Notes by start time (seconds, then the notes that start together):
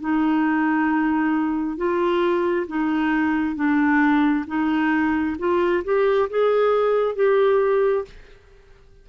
0.00 D#4
1.77 F4
2.67 D#4
3.55 D4
4.47 D#4
5.39 F4
5.84 G4
6.30 G#4
7.16 G4